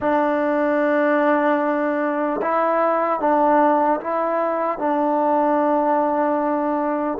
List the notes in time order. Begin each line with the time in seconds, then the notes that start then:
0.00 D4
2.42 E4
3.20 D4
4.00 E4
4.78 D4